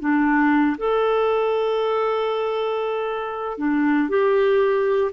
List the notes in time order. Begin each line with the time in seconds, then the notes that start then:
0.00 D4
0.78 A4
3.58 D4
4.09 G4